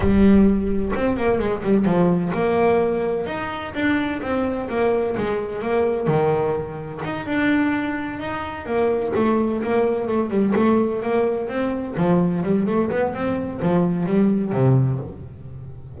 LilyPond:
\new Staff \with { instrumentName = "double bass" } { \time 4/4 \tempo 4 = 128 g2 c'8 ais8 gis8 g8 | f4 ais2 dis'4 | d'4 c'4 ais4 gis4 | ais4 dis2 dis'8 d'8~ |
d'4. dis'4 ais4 a8~ | a8 ais4 a8 g8 a4 ais8~ | ais8 c'4 f4 g8 a8 b8 | c'4 f4 g4 c4 | }